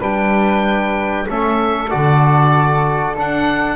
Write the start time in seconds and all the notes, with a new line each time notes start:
0.00 G3 D4 B4 G5
1.28 A3 C#4 A4 E5
1.90 D3 F#4 D5
3.16 D4 F#5